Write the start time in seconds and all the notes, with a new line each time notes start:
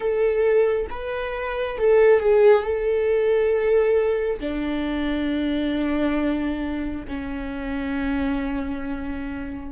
0.00 A4
0.90 B4
1.78 A4
2.19 G#4
2.63 A4
4.40 D4
7.07 C#4